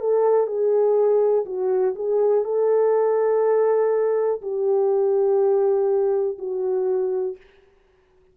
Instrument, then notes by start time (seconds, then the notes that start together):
horn
0.00 A4
0.47 G#4
1.46 F#4
1.95 G#4
2.44 A4
4.41 G4
6.38 F#4